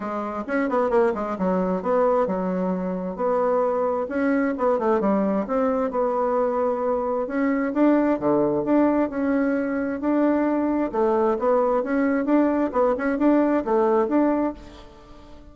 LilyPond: \new Staff \with { instrumentName = "bassoon" } { \time 4/4 \tempo 4 = 132 gis4 cis'8 b8 ais8 gis8 fis4 | b4 fis2 b4~ | b4 cis'4 b8 a8 g4 | c'4 b2. |
cis'4 d'4 d4 d'4 | cis'2 d'2 | a4 b4 cis'4 d'4 | b8 cis'8 d'4 a4 d'4 | }